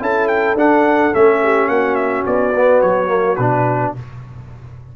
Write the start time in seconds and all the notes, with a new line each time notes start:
0.00 C#4 E4 A4 A5
0.27 G5
0.55 D4 F#5
1.13 A3 C#4 E5
1.43 G4
1.68 A#3 F#4 F#5
1.95 E5
2.26 B3 D5
2.55 B3
2.81 F#3 C#5
3.07 A#3
3.36 B2 D4 B4